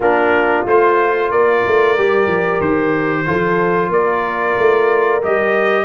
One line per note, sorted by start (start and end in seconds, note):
0.00 0.65 A#3
0.00 0.66 D4
0.00 1.29 F4
0.00 0.66 A#4
0.65 1.31 A3
0.65 1.97 F4
0.65 1.31 C5
1.30 1.64 A#3
1.30 3.26 A#4
1.30 2.60 D5
1.66 1.98 A3
1.97 2.27 G3
1.97 3.25 G4
2.27 2.59 F3
2.60 3.25 D#3
2.60 3.91 C5
3.25 3.89 F3
3.25 5.21 F4
3.25 3.91 A4
3.89 4.54 A#3
3.89 5.85 A#4
3.89 5.22 D5
4.57 5.23 A3
5.21 5.85 G3
5.21 5.85 G4
5.21 5.85 D#5